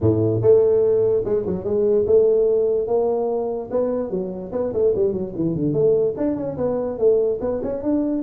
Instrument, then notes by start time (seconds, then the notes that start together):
tuba
0.00 A2
0.41 A3
1.24 G#3
1.46 F#3
1.64 G#3
2.06 A3
2.87 A#3
3.71 B3
4.10 F#3
4.52 B3
4.73 A3
4.95 G3
5.12 F#3
5.35 E3
5.54 D3
5.73 A3
6.17 D4
6.36 C#4
6.57 B3
6.98 A3
7.40 B3
7.62 C#4
7.82 D4